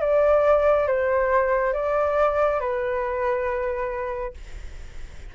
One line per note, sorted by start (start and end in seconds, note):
0.00 0.87 D5
0.87 1.73 C5
1.73 2.60 D5
2.60 4.34 B4